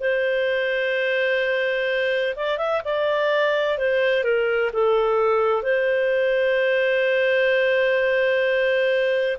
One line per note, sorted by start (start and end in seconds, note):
0.00 2.34 C5
2.36 2.58 D5
2.58 2.81 E5
2.85 3.78 D5
3.78 4.24 C5
4.24 4.70 A#4
4.73 5.62 A4
5.62 9.37 C5